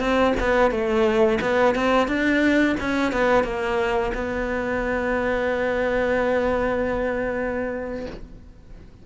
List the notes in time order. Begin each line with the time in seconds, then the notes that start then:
0.00 C4
0.40 B3
0.71 A3
1.41 B3
1.75 C4
2.08 D4
2.80 C#4
3.12 B3
3.44 A#3
4.14 B3